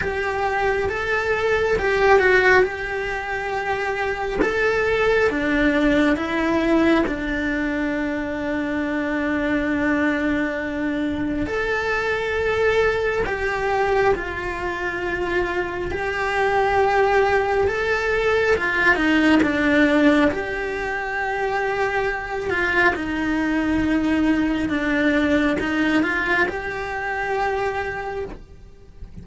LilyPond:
\new Staff \with { instrumentName = "cello" } { \time 4/4 \tempo 4 = 68 g'4 a'4 g'8 fis'8 g'4~ | g'4 a'4 d'4 e'4 | d'1~ | d'4 a'2 g'4 |
f'2 g'2 | a'4 f'8 dis'8 d'4 g'4~ | g'4. f'8 dis'2 | d'4 dis'8 f'8 g'2 | }